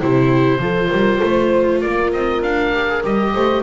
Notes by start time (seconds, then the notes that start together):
0.00 C3 E4 G4 C5
0.59 F3 F4 A4
0.89 G3 A#4
1.22 A3 C5
1.80 A#3 A#4 D5
2.13 C4 D#5
2.42 D4 F5
2.74 G4
2.89 G#4
3.04 G3 G4 D#5
3.34 A3 C5